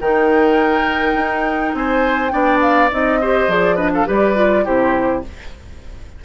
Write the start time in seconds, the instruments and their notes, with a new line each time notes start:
0.00 bassoon D#3, clarinet D#4, oboe A#4, flute G5
1.14 bassoon D#4
1.73 bassoon C4, oboe C5, flute G#5
2.29 bassoon B3, clarinet D4, oboe D5, flute G5
2.61 flute F5
2.91 bassoon C4, clarinet D#4, flute D#5
3.20 clarinet G4, oboe C5
3.47 bassoon F3, clarinet G#4, flute D5
3.75 clarinet D4, oboe B4, flute D#5
3.93 oboe A4, flute F5
4.06 bassoon G3, clarinet G4, oboe B4, flute D5
4.35 clarinet F4
4.64 bassoon C3, clarinet E4, oboe G4, flute C5